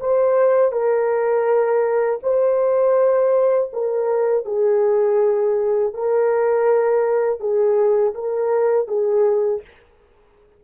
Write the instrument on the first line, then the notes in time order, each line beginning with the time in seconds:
horn
0.00 C5
0.72 A#4
2.23 C5
3.73 A#4
4.45 G#4
5.94 A#4
7.40 G#4
8.14 A#4
8.88 G#4